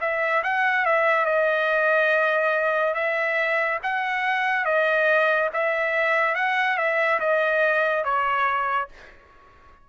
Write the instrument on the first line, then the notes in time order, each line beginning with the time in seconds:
trumpet
0.00 E5
0.43 F#5
0.85 E5
1.25 D#5
2.94 E5
3.83 F#5
4.65 D#5
5.53 E5
6.35 F#5
6.77 E5
7.19 D#5
8.04 C#5